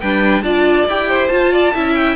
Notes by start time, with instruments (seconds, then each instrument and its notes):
0.00 cello G3, viola D4, violin B4 G5
0.42 cello D4, viola F4, violin D5 A5
0.87 cello E4, viola G4, violin G5
1.08 violin C5
1.28 viola F4, cello F4, violin A5
1.52 violin D5
1.74 cello C#4, viola E4, violin E5
1.95 violin G5